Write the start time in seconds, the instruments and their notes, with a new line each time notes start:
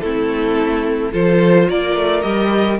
0.00 cello A3, viola C4, violin E4 A4
1.12 cello F3, viola F4, violin A4 C5
1.69 cello A#3, violin A#4 D5
1.95 cello A3
2.21 cello G3, viola G4, violin D#5